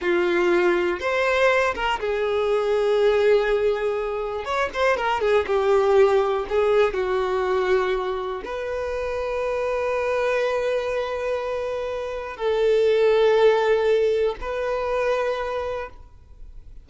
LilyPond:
\new Staff \with { instrumentName = "violin" } { \time 4/4 \tempo 4 = 121 f'2 c''4. ais'8 | gis'1~ | gis'4 cis''8 c''8 ais'8 gis'8 g'4~ | g'4 gis'4 fis'2~ |
fis'4 b'2.~ | b'1~ | b'4 a'2.~ | a'4 b'2. | }